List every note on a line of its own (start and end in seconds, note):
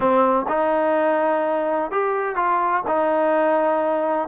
0.00 0.46 C4
0.48 1.91 D#4
1.91 2.35 G4
2.35 2.83 F4
2.87 4.28 D#4